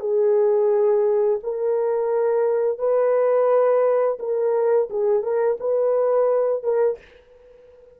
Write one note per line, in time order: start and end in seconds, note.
0.00 1.40 G#4
1.43 2.78 A#4
2.78 4.18 B4
4.19 4.89 A#4
4.90 5.23 G#4
5.23 5.58 A#4
5.60 6.63 B4
6.63 6.98 A#4